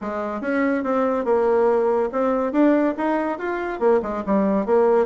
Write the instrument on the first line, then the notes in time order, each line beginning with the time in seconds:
bassoon
0.01 G#3
0.41 C#4
0.83 C4
1.25 A#3
2.12 C4
2.52 D4
2.97 D#4
3.38 F4
3.79 A#3
4.02 G#3
4.25 G3
4.66 A#3